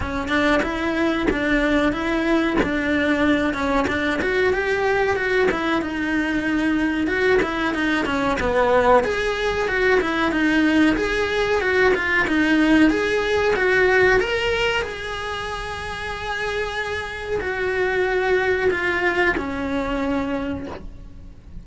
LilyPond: \new Staff \with { instrumentName = "cello" } { \time 4/4 \tempo 4 = 93 cis'8 d'8 e'4 d'4 e'4 | d'4. cis'8 d'8 fis'8 g'4 | fis'8 e'8 dis'2 fis'8 e'8 | dis'8 cis'8 b4 gis'4 fis'8 e'8 |
dis'4 gis'4 fis'8 f'8 dis'4 | gis'4 fis'4 ais'4 gis'4~ | gis'2. fis'4~ | fis'4 f'4 cis'2 | }